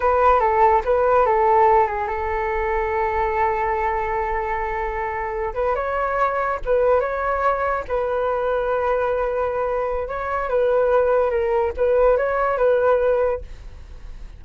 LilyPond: \new Staff \with { instrumentName = "flute" } { \time 4/4 \tempo 4 = 143 b'4 a'4 b'4 a'4~ | a'8 gis'8 a'2.~ | a'1~ | a'4~ a'16 b'8 cis''2 b'16~ |
b'8. cis''2 b'4~ b'16~ | b'1 | cis''4 b'2 ais'4 | b'4 cis''4 b'2 | }